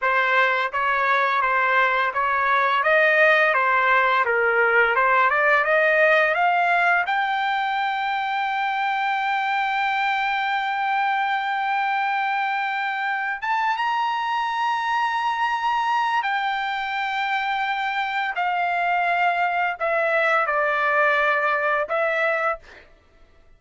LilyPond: \new Staff \with { instrumentName = "trumpet" } { \time 4/4 \tempo 4 = 85 c''4 cis''4 c''4 cis''4 | dis''4 c''4 ais'4 c''8 d''8 | dis''4 f''4 g''2~ | g''1~ |
g''2. a''8 ais''8~ | ais''2. g''4~ | g''2 f''2 | e''4 d''2 e''4 | }